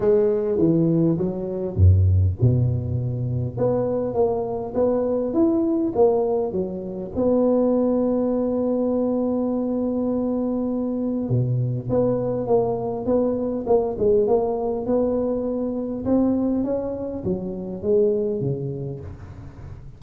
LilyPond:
\new Staff \with { instrumentName = "tuba" } { \time 4/4 \tempo 4 = 101 gis4 e4 fis4 fis,4 | b,2 b4 ais4 | b4 e'4 ais4 fis4 | b1~ |
b2. b,4 | b4 ais4 b4 ais8 gis8 | ais4 b2 c'4 | cis'4 fis4 gis4 cis4 | }